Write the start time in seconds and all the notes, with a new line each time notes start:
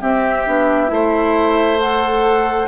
0.00 C4 G4 E5
0.46 B3 D4
0.87 A3 E4 C5
1.79 A4 F#5